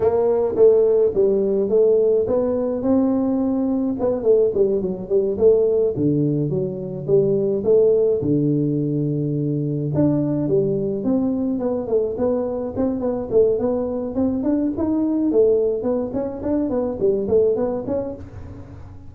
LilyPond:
\new Staff \with { instrumentName = "tuba" } { \time 4/4 \tempo 4 = 106 ais4 a4 g4 a4 | b4 c'2 b8 a8 | g8 fis8 g8 a4 d4 fis8~ | fis8 g4 a4 d4.~ |
d4. d'4 g4 c'8~ | c'8 b8 a8 b4 c'8 b8 a8 | b4 c'8 d'8 dis'4 a4 | b8 cis'8 d'8 b8 g8 a8 b8 cis'8 | }